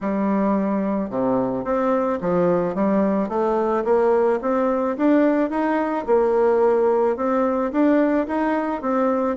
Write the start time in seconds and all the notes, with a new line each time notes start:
0.01 G3
1.10 C3
1.64 C4
2.20 F3
2.74 G3
3.29 A3
3.84 A#3
4.41 C4
4.97 D4
5.50 D#4
6.06 A#3
7.16 C4
7.71 D4
8.27 D#4
8.81 C4